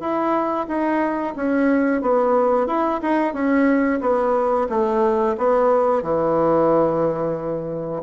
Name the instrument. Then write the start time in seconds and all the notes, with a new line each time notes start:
bassoon
0.00 E4
0.68 D#4
1.36 C#4
2.02 B3
2.67 E4
3.02 D#4
3.34 C#4
4.01 B3
4.69 A3
5.38 B3
6.03 E3